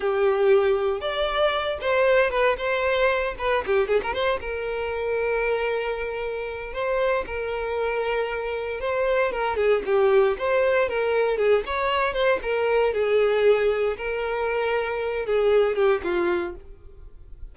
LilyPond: \new Staff \with { instrumentName = "violin" } { \time 4/4 \tempo 4 = 116 g'2 d''4. c''8~ | c''8 b'8 c''4. b'8 g'8 gis'16 ais'16 | c''8 ais'2.~ ais'8~ | ais'4 c''4 ais'2~ |
ais'4 c''4 ais'8 gis'8 g'4 | c''4 ais'4 gis'8 cis''4 c''8 | ais'4 gis'2 ais'4~ | ais'4. gis'4 g'8 f'4 | }